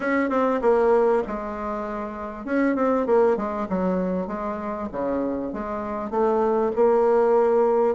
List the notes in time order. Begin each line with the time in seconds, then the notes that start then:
0.00 C#4
0.29 C4
0.61 A#3
1.27 G#3
2.45 C#4
2.76 C4
3.06 A#3
3.36 G#3
3.69 F#3
4.27 G#3
4.92 C#3
5.52 G#3
6.10 A3
6.75 A#3